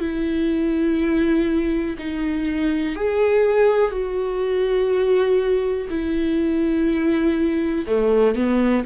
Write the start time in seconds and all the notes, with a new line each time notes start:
0.00 E4
1.99 D#4
2.96 G#4
3.92 F#4
5.90 E4
7.87 A3
8.36 B3